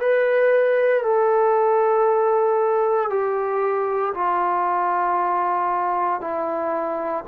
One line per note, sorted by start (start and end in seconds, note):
0.00 1.03 B4
1.03 3.10 A4
3.10 4.14 G4
4.14 6.21 F4
6.21 7.25 E4